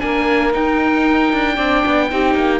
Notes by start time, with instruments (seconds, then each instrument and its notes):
0.00 cello A#3, viola D4, saxophone A#4, oboe G#5
0.52 viola D#4, cello D#4, oboe G5
1.33 cello D4
1.55 cello C4, viola D4, saxophone D5
1.86 cello B3
2.09 cello C4, viola D#4, saxophone G4
2.35 cello A#3